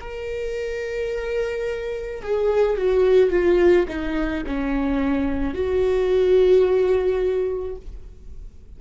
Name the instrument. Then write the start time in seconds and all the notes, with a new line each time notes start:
viola
0.00 A#4
2.22 G#4
2.77 F#4
3.30 F4
3.88 D#4
4.46 C#4
5.54 F#4